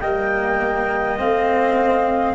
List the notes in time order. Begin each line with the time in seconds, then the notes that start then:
0.00 G3 A#3 D#5 G5
1.19 A3 C4 F5